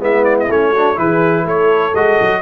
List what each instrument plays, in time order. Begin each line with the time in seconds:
0.00 tuba G#3, trombone B3, horn E4, trumpet E5
0.24 trumpet D5
0.40 trumpet D#5
0.49 tuba A3, trombone C#4, trumpet C#5
0.72 trombone D4, horn F#4
0.96 tuba E3, trombone E4, horn G#4, trumpet B4
1.44 tuba A3, horn A4, trumpet C#5
1.94 tuba G#3, trombone F#4, trumpet D#5
2.21 tuba F#3